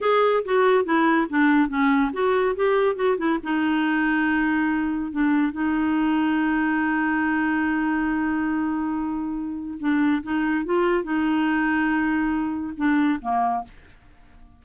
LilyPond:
\new Staff \with { instrumentName = "clarinet" } { \time 4/4 \tempo 4 = 141 gis'4 fis'4 e'4 d'4 | cis'4 fis'4 g'4 fis'8 e'8 | dis'1 | d'4 dis'2.~ |
dis'1~ | dis'2. d'4 | dis'4 f'4 dis'2~ | dis'2 d'4 ais4 | }